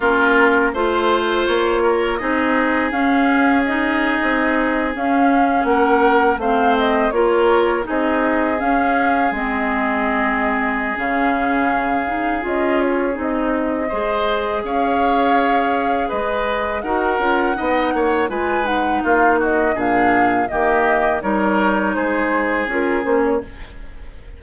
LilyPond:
<<
  \new Staff \with { instrumentName = "flute" } { \time 4/4 \tempo 4 = 82 ais'4 c''4 cis''4 dis''4 | f''4 dis''4.~ dis''16 f''4 fis''16~ | fis''8. f''8 dis''8 cis''4 dis''4 f''16~ | f''8. dis''2~ dis''16 f''4~ |
f''4 dis''8 cis''8 dis''2 | f''2 dis''4 fis''4~ | fis''4 gis''8 fis''8 f''8 dis''8 f''4 | dis''4 cis''4 c''4 ais'8 c''16 cis''16 | }
  \new Staff \with { instrumentName = "oboe" } { \time 4/4 f'4 c''4. ais'8 gis'4~ | gis'2.~ gis'8. ais'16~ | ais'8. c''4 ais'4 gis'4~ gis'16~ | gis'1~ |
gis'2. c''4 | cis''2 b'4 ais'4 | dis''8 cis''8 b'4 f'8 fis'8 gis'4 | g'4 ais'4 gis'2 | }
  \new Staff \with { instrumentName = "clarinet" } { \time 4/4 cis'4 f'2 dis'4 | cis'4 dis'4.~ dis'16 cis'4~ cis'16~ | cis'8. c'4 f'4 dis'4 cis'16~ | cis'8. c'2~ c'16 cis'4~ |
cis'8 dis'8 f'4 dis'4 gis'4~ | gis'2. fis'8 f'8 | dis'4 f'8 dis'4. d'4 | ais4 dis'2 f'8 cis'8 | }
  \new Staff \with { instrumentName = "bassoon" } { \time 4/4 ais4 a4 ais4 c'4 | cis'4.~ cis'16 c'4 cis'4 ais16~ | ais8. a4 ais4 c'4 cis'16~ | cis'8. gis2~ gis16 cis4~ |
cis4 cis'4 c'4 gis4 | cis'2 gis4 dis'8 cis'8 | b8 ais8 gis4 ais4 ais,4 | dis4 g4 gis4 cis'8 ais8 | }
>>